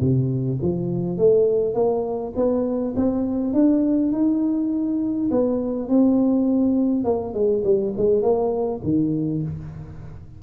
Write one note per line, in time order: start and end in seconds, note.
0.00 0.59 C3
0.61 1.18 F3
1.18 1.74 A3
1.74 2.33 A#3
2.35 2.94 B3
2.96 3.53 C4
3.53 4.12 D4
4.12 5.30 D#4
5.31 5.89 B3
5.89 7.04 C4
7.04 7.33 A#3
7.33 7.63 G#3
7.64 7.93 G3
7.97 8.22 G#3
8.22 8.81 A#3
8.83 9.42 D#3